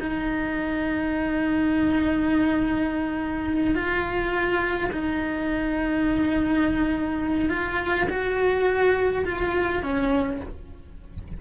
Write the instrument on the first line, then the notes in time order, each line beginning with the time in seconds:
cello
0.00 D#4
3.74 F4
4.92 D#4
7.49 F4
8.09 F#4
9.25 F4
9.83 C#4